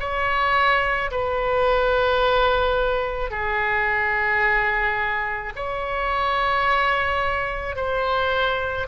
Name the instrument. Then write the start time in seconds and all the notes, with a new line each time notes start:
oboe
0.00 C#5
1.11 B4
3.31 G#4
5.56 C#5
7.76 C5